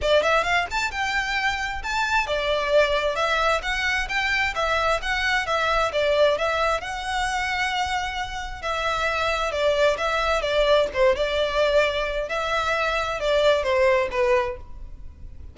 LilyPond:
\new Staff \with { instrumentName = "violin" } { \time 4/4 \tempo 4 = 132 d''8 e''8 f''8 a''8 g''2 | a''4 d''2 e''4 | fis''4 g''4 e''4 fis''4 | e''4 d''4 e''4 fis''4~ |
fis''2. e''4~ | e''4 d''4 e''4 d''4 | c''8 d''2~ d''8 e''4~ | e''4 d''4 c''4 b'4 | }